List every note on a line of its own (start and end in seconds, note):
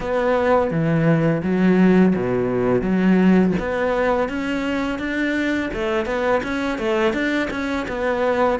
0.00 0.70 B3
0.70 1.42 E3
1.43 2.14 F#3
2.15 2.81 B2
2.81 3.53 F#3
3.59 4.29 B3
4.29 4.98 C#4
4.98 5.70 D4
5.73 6.05 A3
6.05 6.41 B3
6.43 6.78 C#4
6.78 7.13 A3
7.13 7.48 D4
7.50 7.86 C#4
7.88 8.59 B3